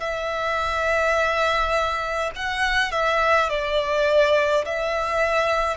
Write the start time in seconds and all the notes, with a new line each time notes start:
0.00 E5
2.36 F#5
2.92 E5
3.50 D5
4.65 E5